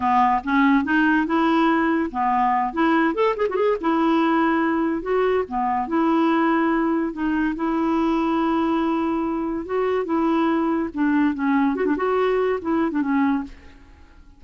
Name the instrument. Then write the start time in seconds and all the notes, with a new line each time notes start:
clarinet
0.00 B3
0.44 C#4
0.84 D#4
1.26 E4
2.11 B3
2.73 E4
3.14 A4
3.36 G#4
3.49 F#4
3.55 G#4
3.80 E4
5.02 F#4
5.48 B3
5.87 E4
7.12 D#4
7.55 E4
9.65 F#4
10.05 E4
10.93 D4
11.34 C#4
11.75 F#4
11.85 D4
11.96 F#4
12.61 E4
12.91 D4
13.01 C#4